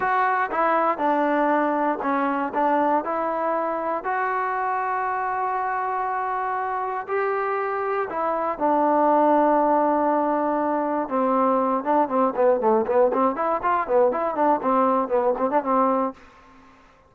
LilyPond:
\new Staff \with { instrumentName = "trombone" } { \time 4/4 \tempo 4 = 119 fis'4 e'4 d'2 | cis'4 d'4 e'2 | fis'1~ | fis'2 g'2 |
e'4 d'2.~ | d'2 c'4. d'8 | c'8 b8 a8 b8 c'8 e'8 f'8 b8 | e'8 d'8 c'4 b8 c'16 d'16 c'4 | }